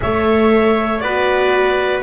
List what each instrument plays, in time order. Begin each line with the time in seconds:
0.00 double bass A3, viola A4, trumpet C#5, clarinet E5
0.99 double bass B3, viola F#4, trumpet B4, clarinet D5